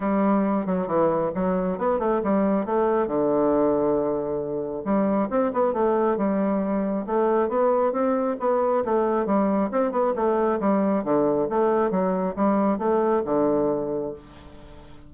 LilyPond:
\new Staff \with { instrumentName = "bassoon" } { \time 4/4 \tempo 4 = 136 g4. fis8 e4 fis4 | b8 a8 g4 a4 d4~ | d2. g4 | c'8 b8 a4 g2 |
a4 b4 c'4 b4 | a4 g4 c'8 b8 a4 | g4 d4 a4 fis4 | g4 a4 d2 | }